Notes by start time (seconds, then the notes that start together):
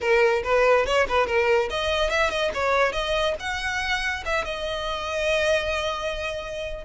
0.00 A#4
0.43 B4
0.86 C#5
1.08 B4
1.26 A#4
1.70 D#5
2.10 E5
2.30 D#5
2.54 C#5
2.92 D#5
3.39 F#5
4.25 E5
4.44 D#5